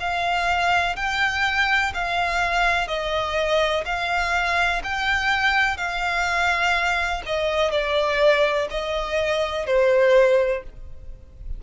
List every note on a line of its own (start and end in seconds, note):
0.00 0.96 F5
0.96 1.93 G5
1.94 2.88 F5
2.88 3.84 D#5
3.85 4.82 F5
4.84 5.77 G5
5.77 7.22 F5
7.26 7.71 D#5
7.71 8.68 D5
8.71 9.66 D#5
9.66 10.63 C5